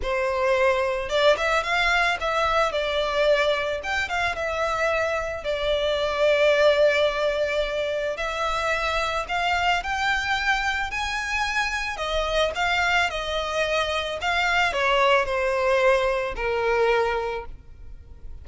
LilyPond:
\new Staff \with { instrumentName = "violin" } { \time 4/4 \tempo 4 = 110 c''2 d''8 e''8 f''4 | e''4 d''2 g''8 f''8 | e''2 d''2~ | d''2. e''4~ |
e''4 f''4 g''2 | gis''2 dis''4 f''4 | dis''2 f''4 cis''4 | c''2 ais'2 | }